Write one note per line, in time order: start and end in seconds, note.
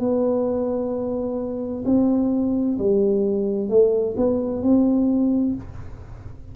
0.00 1.85 B3
1.85 2.78 C4
2.79 3.70 G3
3.70 4.16 A3
4.17 4.63 B3
4.63 5.55 C4